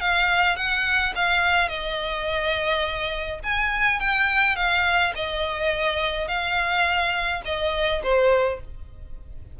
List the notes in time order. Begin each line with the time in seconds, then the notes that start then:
0.00 F5
0.56 F#5
1.15 F5
1.68 D#5
3.43 G#5
3.99 G5
4.56 F5
5.15 D#5
6.27 F5
7.45 D#5
8.03 C5